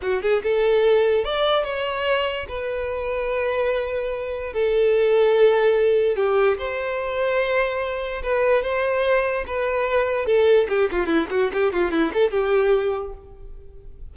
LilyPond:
\new Staff \with { instrumentName = "violin" } { \time 4/4 \tempo 4 = 146 fis'8 gis'8 a'2 d''4 | cis''2 b'2~ | b'2. a'4~ | a'2. g'4 |
c''1 | b'4 c''2 b'4~ | b'4 a'4 g'8 f'8 e'8 fis'8 | g'8 f'8 e'8 a'8 g'2 | }